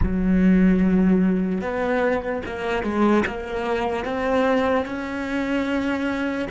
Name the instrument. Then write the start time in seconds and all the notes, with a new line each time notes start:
cello
0.03 F#3
1.61 B3
2.45 A#3
2.83 G#3
3.27 A#3
4.04 C4
4.85 C#4